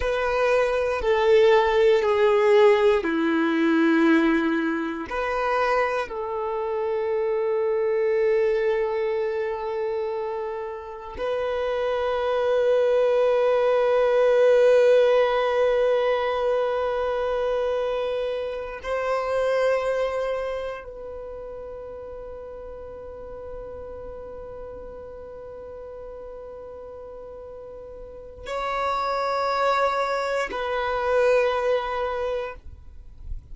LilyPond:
\new Staff \with { instrumentName = "violin" } { \time 4/4 \tempo 4 = 59 b'4 a'4 gis'4 e'4~ | e'4 b'4 a'2~ | a'2. b'4~ | b'1~ |
b'2~ b'8 c''4.~ | c''8 b'2.~ b'8~ | b'1 | cis''2 b'2 | }